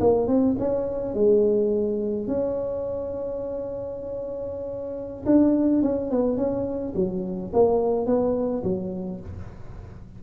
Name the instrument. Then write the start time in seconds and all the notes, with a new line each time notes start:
tuba
0.00 A#3
0.27 C4
0.59 C#4
1.14 G#3
2.27 C#4
5.25 D4
5.82 C#4
6.10 B3
6.37 C#4
6.95 F#3
7.53 A#3
8.06 B3
8.63 F#3